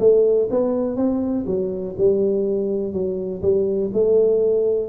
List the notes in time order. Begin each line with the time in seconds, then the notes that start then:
0.00 A3
0.51 B3
0.97 C4
1.47 F#3
1.98 G3
2.93 F#3
3.42 G3
3.94 A3